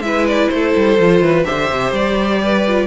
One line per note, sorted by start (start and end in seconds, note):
0.00 0.48 G#3
0.00 0.98 E4
0.00 0.53 B4
0.00 0.26 E5
0.27 0.48 D5
0.48 0.74 A3
0.48 1.24 A4
0.48 1.43 C5
0.75 0.99 G3
0.98 1.20 F3
0.98 1.45 F4
1.20 1.44 E3
1.20 1.46 B4
1.44 1.70 D3
1.44 2.64 G4
1.44 2.41 C5
1.44 1.92 E5
1.70 1.91 C3
1.91 2.87 G3
1.91 2.87 D5
2.43 2.87 B4
2.67 2.87 F4